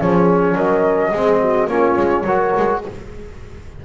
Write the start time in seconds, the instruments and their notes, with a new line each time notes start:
0.00 double bass F3, trombone C#4, horn G#4, flute C#5
0.55 double bass F#3, horn A#4, flute D#5
1.11 double bass G#3, trombone C4, horn G#4
1.40 horn F#4
1.68 double bass A#3, trombone C#4, horn F4, flute C#5
1.97 double bass G#3
2.24 double bass F#3, trombone F#4, horn A#4
2.57 double bass G#3